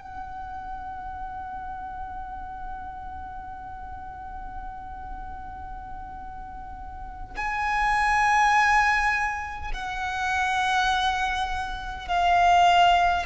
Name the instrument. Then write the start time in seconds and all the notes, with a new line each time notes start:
violin
0.00 F#5
7.36 G#5
9.74 F#5
12.08 F5